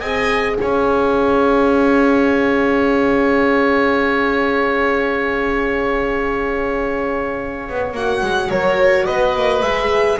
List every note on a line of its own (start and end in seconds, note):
0.00 0.58 C4
0.00 7.95 G#4
0.00 0.57 D#5
0.00 0.56 G#5
0.56 7.69 C#4
0.56 8.50 C#5
0.56 7.92 F5
7.69 7.93 B3
7.93 8.21 A#3
7.93 9.65 F#4
7.93 8.50 F#5
8.22 8.50 G#3
8.50 9.08 F#3
8.50 9.06 A#4
8.50 9.07 C#5
9.06 9.35 B3
9.06 10.19 B4
9.06 9.62 D#5
9.35 9.62 A#3
9.62 10.19 G#3
9.62 10.20 G#4
9.62 10.19 E5